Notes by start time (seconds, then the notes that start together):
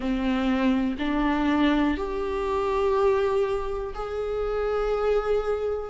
0.00 C4
0.98 D4
1.97 G4
3.94 G#4